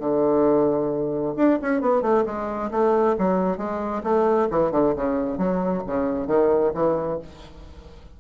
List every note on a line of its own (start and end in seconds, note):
0.00 1.34 D3
1.36 1.59 D4
1.62 1.81 C#4
1.81 2.02 B3
2.02 2.24 A3
2.26 2.70 G#3
2.71 3.16 A3
3.18 3.58 F#3
3.58 4.02 G#3
4.04 4.48 A3
4.50 4.72 E3
4.72 4.94 D3
4.96 5.38 C#3
5.38 5.82 F#3
5.87 6.27 C#3
6.27 6.72 D#3
6.74 7.19 E3